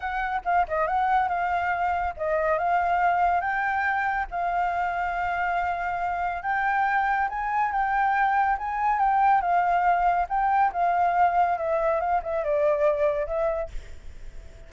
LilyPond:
\new Staff \with { instrumentName = "flute" } { \time 4/4 \tempo 4 = 140 fis''4 f''8 dis''8 fis''4 f''4~ | f''4 dis''4 f''2 | g''2 f''2~ | f''2. g''4~ |
g''4 gis''4 g''2 | gis''4 g''4 f''2 | g''4 f''2 e''4 | f''8 e''8 d''2 e''4 | }